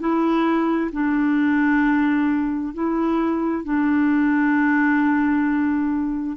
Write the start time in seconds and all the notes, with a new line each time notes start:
0.00 E4
0.93 D4
2.74 E4
3.65 D4